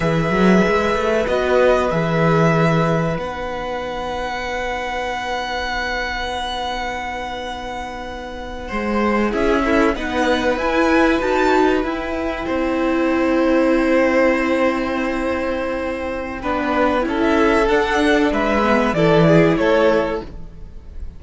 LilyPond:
<<
  \new Staff \with { instrumentName = "violin" } { \time 4/4 \tempo 4 = 95 e''2 dis''4 e''4~ | e''4 fis''2.~ | fis''1~ | fis''2~ fis''8. e''4 fis''16~ |
fis''8. gis''4 a''4 g''4~ g''16~ | g''1~ | g''2.~ g''16 e''8. | fis''4 e''4 d''4 cis''4 | }
  \new Staff \with { instrumentName = "violin" } { \time 4/4 b'1~ | b'1~ | b'1~ | b'4.~ b'16 c''4 gis'8 e'8 b'16~ |
b'2.~ b'8. c''16~ | c''1~ | c''2 b'4 a'4~ | a'4 b'4 a'8 gis'8 a'4 | }
  \new Staff \with { instrumentName = "viola" } { \time 4/4 gis'2 fis'4 gis'4~ | gis'4 dis'2.~ | dis'1~ | dis'2~ dis'8. e'8 a'8 dis'16~ |
dis'8. e'4 fis'4 e'4~ e'16~ | e'1~ | e'2 d'4 e'4 | d'4. b8 e'2 | }
  \new Staff \with { instrumentName = "cello" } { \time 4/4 e8 fis8 gis8 a8 b4 e4~ | e4 b2.~ | b1~ | b4.~ b16 gis4 cis'4 b16~ |
b8. e'4 dis'4 e'4 c'16~ | c'1~ | c'2 b4 cis'4 | d'4 gis4 e4 a4 | }
>>